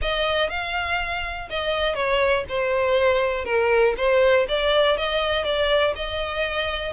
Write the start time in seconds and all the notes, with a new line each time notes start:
0.01 D#5
0.49 F5
1.49 D#5
1.94 C#5
2.48 C5
3.44 A#4
3.97 C5
4.48 D5
4.97 D#5
5.44 D5
5.95 D#5